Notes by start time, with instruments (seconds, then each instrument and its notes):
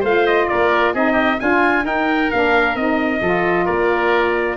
0.00 tuba A3, saxophone F4, oboe C5, trumpet F5
0.26 trumpet D#5
0.48 tuba A#3, oboe A#4, trumpet D5
0.94 tuba C4, saxophone D#4, oboe G#4, trumpet D#5
1.12 oboe G4
1.40 tuba D4, saxophone F4, oboe F4, trumpet G#5
1.81 saxophone D#4, tuba D#4, oboe A#4, trumpet G5
2.31 tuba A#3, saxophone D4, trumpet F5
2.75 tuba C4, saxophone D#4, trumpet D#5
3.21 tuba F3, saxophone F4, oboe A4
3.65 tuba A#3, oboe A#4, trumpet D5